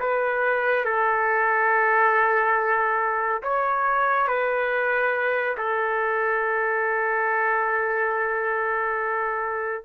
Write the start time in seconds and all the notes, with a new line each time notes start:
0.00 B4
0.85 A4
3.43 C#5
4.28 B4
5.58 A4